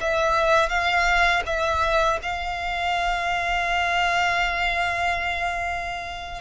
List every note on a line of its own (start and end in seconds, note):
0.00 0.69 E5
0.69 1.42 F5
1.46 2.19 E5
2.22 6.41 F5